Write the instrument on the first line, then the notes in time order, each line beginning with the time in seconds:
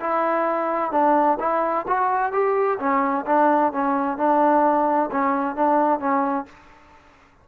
trombone
0.00 E4
0.91 D4
1.40 E4
1.88 F#4
2.32 G4
2.79 C#4
3.26 D4
3.72 C#4
4.17 D4
5.11 C#4
5.56 D4
6.00 C#4